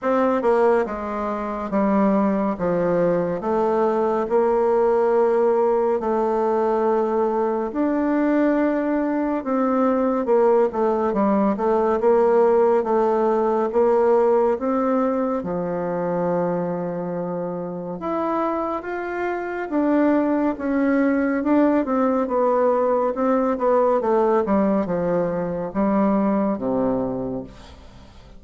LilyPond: \new Staff \with { instrumentName = "bassoon" } { \time 4/4 \tempo 4 = 70 c'8 ais8 gis4 g4 f4 | a4 ais2 a4~ | a4 d'2 c'4 | ais8 a8 g8 a8 ais4 a4 |
ais4 c'4 f2~ | f4 e'4 f'4 d'4 | cis'4 d'8 c'8 b4 c'8 b8 | a8 g8 f4 g4 c4 | }